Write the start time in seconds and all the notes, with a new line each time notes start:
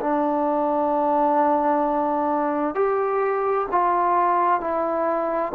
0.00 D4
2.75 G4
3.71 F4
4.60 E4